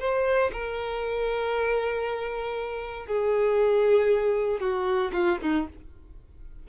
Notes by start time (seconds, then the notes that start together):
0.00 C5
0.53 A#4
3.07 G#4
4.60 F#4
5.13 F4
5.42 D#4